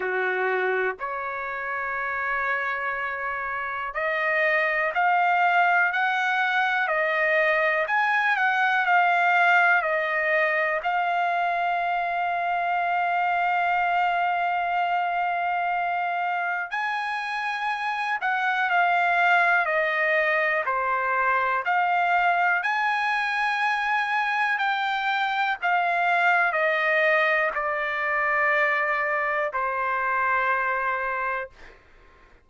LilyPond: \new Staff \with { instrumentName = "trumpet" } { \time 4/4 \tempo 4 = 61 fis'4 cis''2. | dis''4 f''4 fis''4 dis''4 | gis''8 fis''8 f''4 dis''4 f''4~ | f''1~ |
f''4 gis''4. fis''8 f''4 | dis''4 c''4 f''4 gis''4~ | gis''4 g''4 f''4 dis''4 | d''2 c''2 | }